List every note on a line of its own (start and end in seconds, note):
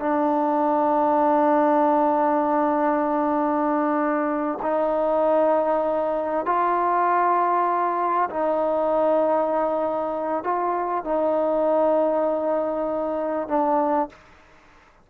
0.00 4.59 D4
4.62 6.46 D#4
6.46 8.30 F4
8.30 10.44 D#4
10.44 11.05 F4
11.05 13.48 D#4
13.48 14.10 D4